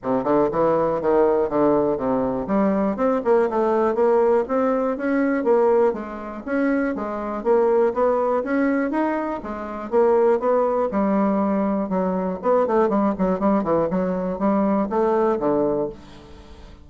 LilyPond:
\new Staff \with { instrumentName = "bassoon" } { \time 4/4 \tempo 4 = 121 c8 d8 e4 dis4 d4 | c4 g4 c'8 ais8 a4 | ais4 c'4 cis'4 ais4 | gis4 cis'4 gis4 ais4 |
b4 cis'4 dis'4 gis4 | ais4 b4 g2 | fis4 b8 a8 g8 fis8 g8 e8 | fis4 g4 a4 d4 | }